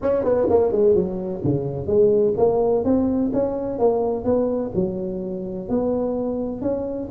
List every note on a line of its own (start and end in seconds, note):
0.02 0.24 C#4
0.24 0.47 B3
0.49 0.72 A#3
0.72 0.94 G#3
0.94 1.42 F#3
1.44 1.87 C#3
1.87 2.34 G#3
2.37 2.84 A#3
2.84 3.31 C4
3.33 3.78 C#4
3.78 4.24 A#3
4.24 4.71 B3
4.74 5.68 F#3
5.68 6.61 B3
6.61 7.08 C#4